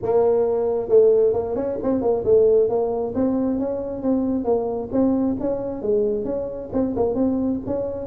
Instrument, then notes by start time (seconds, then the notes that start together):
tuba
0.02 A#3
0.88 A3
1.33 A#3
1.55 C#4
1.82 C4
2.01 A#3
2.24 A3
2.69 A#3
3.14 C4
3.59 C#4
4.02 C4
4.44 A#3
4.91 C4
5.40 C#4
5.82 G#3
6.24 C#4
6.72 C4
6.95 A#3
7.15 C4
7.66 C#4